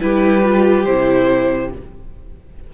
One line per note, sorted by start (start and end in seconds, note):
0.00 0.86 G3
0.00 0.43 E4
0.00 1.74 G4
0.00 0.84 B4
0.43 0.86 F4
0.84 1.72 C3
0.84 1.73 E4
0.84 1.70 C5